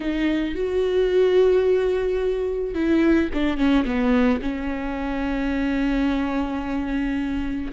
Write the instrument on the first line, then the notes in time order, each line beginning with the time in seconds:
viola
0.00 D#4
0.54 F#4
2.74 E4
3.33 D4
3.57 C#4
3.85 B3
4.41 C#4